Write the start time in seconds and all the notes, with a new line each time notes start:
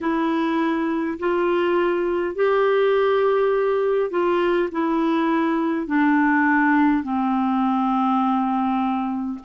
0.01 E4
1.19 F4
2.35 G4
4.10 F4
4.71 E4
5.86 D4
7.03 C4